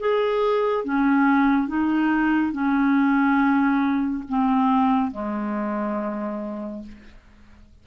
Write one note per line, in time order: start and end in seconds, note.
0.00 0.85 G#4
0.85 1.68 C#4
1.68 2.52 D#4
2.52 4.24 C#4
4.29 5.12 C4
5.12 6.83 G#3